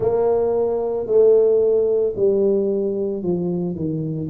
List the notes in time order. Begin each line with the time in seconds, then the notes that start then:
0.00 A#3
1.06 A3
2.16 G3
3.22 F3
3.75 D#3